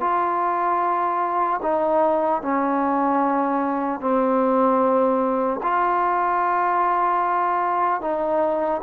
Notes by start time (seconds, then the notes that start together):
0.00 F4
1.62 D#4
2.42 C#4
4.00 C4
5.63 F4
8.01 D#4